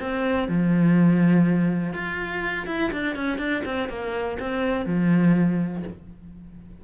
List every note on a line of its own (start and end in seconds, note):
0.00 0.48 C4
0.48 1.94 F3
1.94 2.67 F4
2.67 2.91 E4
2.92 3.16 D4
3.16 3.38 C#4
3.38 3.63 D4
3.65 3.89 C4
3.89 4.38 A#3
4.40 4.86 C4
4.86 5.83 F3